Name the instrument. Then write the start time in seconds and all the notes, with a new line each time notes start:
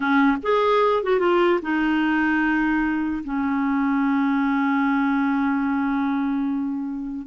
clarinet
0.00 C#4
0.42 G#4
1.03 F#4
1.19 F4
1.62 D#4
3.24 C#4